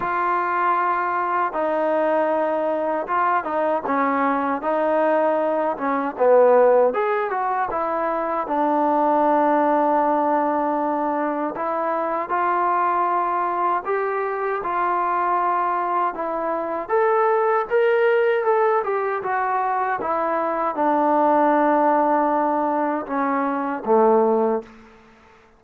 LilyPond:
\new Staff \with { instrumentName = "trombone" } { \time 4/4 \tempo 4 = 78 f'2 dis'2 | f'8 dis'8 cis'4 dis'4. cis'8 | b4 gis'8 fis'8 e'4 d'4~ | d'2. e'4 |
f'2 g'4 f'4~ | f'4 e'4 a'4 ais'4 | a'8 g'8 fis'4 e'4 d'4~ | d'2 cis'4 a4 | }